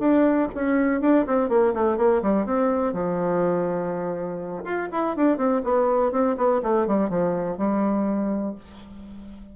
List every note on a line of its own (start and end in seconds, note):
0.00 0.49 D4
0.55 1.01 C#4
1.01 1.26 D4
1.27 1.49 C4
1.49 1.74 A#3
1.74 1.98 A3
1.98 2.22 A#3
2.23 2.46 G3
2.46 2.93 C4
2.93 4.64 F3
4.65 4.89 F4
4.92 5.16 E4
5.16 5.38 D4
5.38 5.62 C4
5.64 6.12 B3
6.12 6.36 C4
6.37 6.62 B3
6.63 6.87 A3
6.87 7.10 G3
7.10 7.58 F3
7.58 8.55 G3